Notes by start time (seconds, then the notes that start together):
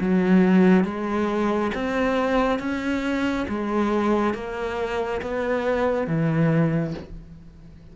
0.00 F#3
0.84 G#3
1.74 C4
2.59 C#4
3.48 G#3
4.34 A#3
5.21 B3
6.07 E3